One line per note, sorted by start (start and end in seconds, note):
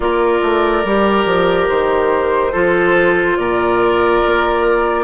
0.00 0.40 A#3
0.00 0.84 F4
0.00 2.51 A#4
0.00 1.68 D5
0.42 0.84 A3
0.84 1.25 G3
0.84 2.53 G4
1.25 1.67 F3
1.68 2.54 D#3
1.68 3.37 C5
2.51 3.37 F3
2.51 5.04 F4
2.51 3.36 A4
3.37 4.22 A#2
3.37 5.04 A#4
3.37 5.04 D5
4.25 5.04 A#3